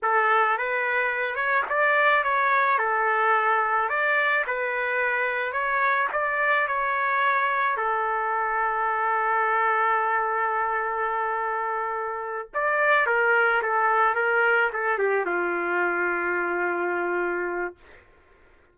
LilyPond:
\new Staff \with { instrumentName = "trumpet" } { \time 4/4 \tempo 4 = 108 a'4 b'4. cis''8 d''4 | cis''4 a'2 d''4 | b'2 cis''4 d''4 | cis''2 a'2~ |
a'1~ | a'2~ a'8 d''4 ais'8~ | ais'8 a'4 ais'4 a'8 g'8 f'8~ | f'1 | }